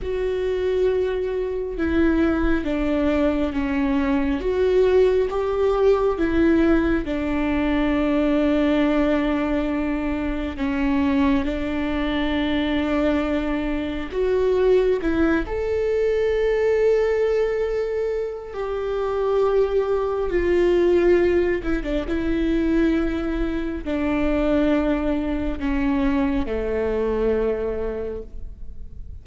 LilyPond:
\new Staff \with { instrumentName = "viola" } { \time 4/4 \tempo 4 = 68 fis'2 e'4 d'4 | cis'4 fis'4 g'4 e'4 | d'1 | cis'4 d'2. |
fis'4 e'8 a'2~ a'8~ | a'4 g'2 f'4~ | f'8 e'16 d'16 e'2 d'4~ | d'4 cis'4 a2 | }